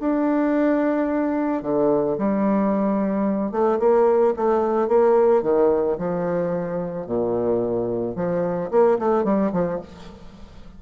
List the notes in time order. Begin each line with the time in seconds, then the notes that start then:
0.00 D4
1.63 D3
2.18 G3
3.52 A3
3.80 A#3
4.37 A3
4.88 A#3
5.43 D#3
5.98 F3
7.07 A#2
8.16 F3
8.71 A#3
8.99 A3
9.24 G3
9.53 F3